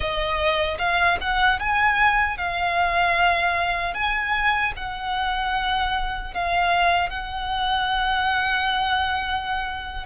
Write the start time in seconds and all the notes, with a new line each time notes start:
0.00 D#5
0.78 F5
1.20 F#5
1.59 G#5
2.37 F5
3.93 G#5
4.76 F#5
6.34 F5
7.09 F#5